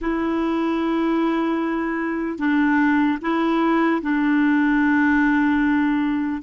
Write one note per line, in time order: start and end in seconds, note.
0.01 2.38 E4
2.38 3.18 D4
3.21 4.01 E4
4.01 6.41 D4